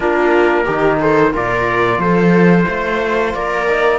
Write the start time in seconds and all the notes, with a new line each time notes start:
0.00 A#3 D4 F4 A#4
0.64 D#3 D#4 G4
0.99 A4 C5
1.32 A#2 F4 A#4 D5
1.98 F3 A4 C5
2.67 A3 C5
3.34 A#3 A#4 D5
3.68 D#4